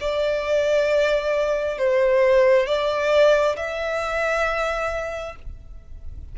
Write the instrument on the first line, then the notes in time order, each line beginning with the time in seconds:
violin
0.00 D5
1.77 C5
2.66 D5
3.56 E5